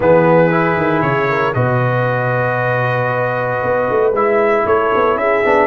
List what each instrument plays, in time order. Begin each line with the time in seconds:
0.00 tuba E3, trombone B3, horn G#4, trumpet B4
0.50 trombone E4
0.76 tuba D#3
1.01 tuba C#3, trumpet C#5
1.28 horn A#4
1.54 tuba B2, trombone F#4, horn B4, trumpet D#5
3.62 tuba B3
3.90 tuba A3
4.12 tuba G#3, trombone E4, trumpet E5
4.65 tuba A3, horn A4, trumpet C#5
4.95 tuba B3
5.15 tuba C#4, horn G#4, trumpet E5
5.44 tuba B3, trombone D4